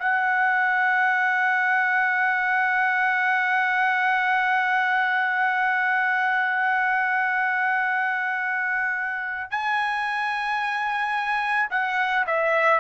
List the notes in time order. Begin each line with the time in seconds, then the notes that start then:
0.00 F#5
9.51 G#5
11.71 F#5
12.27 E5